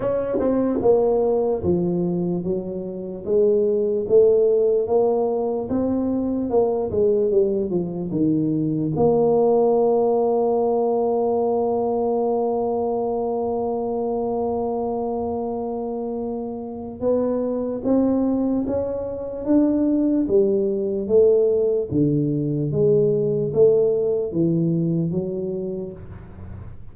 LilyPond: \new Staff \with { instrumentName = "tuba" } { \time 4/4 \tempo 4 = 74 cis'8 c'8 ais4 f4 fis4 | gis4 a4 ais4 c'4 | ais8 gis8 g8 f8 dis4 ais4~ | ais1~ |
ais1~ | ais4 b4 c'4 cis'4 | d'4 g4 a4 d4 | gis4 a4 e4 fis4 | }